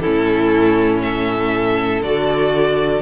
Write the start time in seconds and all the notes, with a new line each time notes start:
0.00 A2 C#4 E4 A4
1.02 A4 E5
2.01 D3 F#4 D5